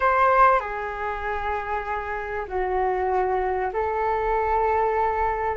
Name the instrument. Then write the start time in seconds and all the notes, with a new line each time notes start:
flute
0.00 C5
0.60 G#4
2.47 F#4
3.73 A4